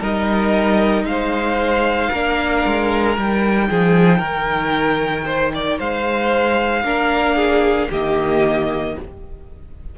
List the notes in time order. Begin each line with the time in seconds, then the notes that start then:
0.00 G3 D#4 A#4 D#5
1.04 G#3 C5 F5
2.10 A#3 D4 A#4
2.66 G#3
3.17 G3 D#4 G5
3.70 F3 G#4
4.18 D#3 A#4
5.26 C5
5.55 D5
5.79 G#3 C5 F5
6.84 A#3 D4 A#4
7.36 G#4
7.90 D#3 A#3 G4 D#5